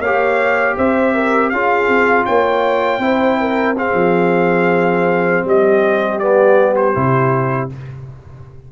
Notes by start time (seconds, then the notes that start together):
0.00 A#3 G4 C#5 F5
0.77 C4 C5 E5
1.14 A#4
1.50 C#4 F4 G#4 F5
1.88 C4
2.25 A#3 C#5 G5
2.98 C4 E4 C5
3.40 A#4
3.77 C4 G#4 F5
3.94 F3
5.44 G3 G4 D#5
6.19 B3 D5
6.76 C5
6.94 C3 E4